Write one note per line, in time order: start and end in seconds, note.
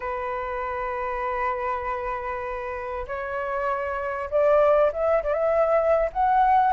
0.00 3.06 B4
3.07 4.29 C#5
4.30 4.91 D5
4.92 5.22 E5
5.23 5.33 D5
5.33 6.09 E5
6.13 6.73 F#5